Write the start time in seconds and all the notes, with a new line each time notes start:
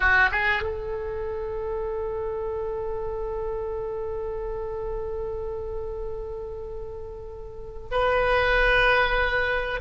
0.00 F#4
0.31 G#4
0.62 A4
7.91 B4